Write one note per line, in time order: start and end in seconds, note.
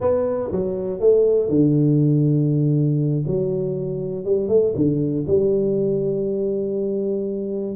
0.00 0.50 B3
0.51 1.00 F#3
1.00 1.49 A3
1.49 3.24 D3
3.26 4.25 F#3
4.25 4.48 G3
4.48 4.73 A3
4.75 5.25 D3
5.27 7.75 G3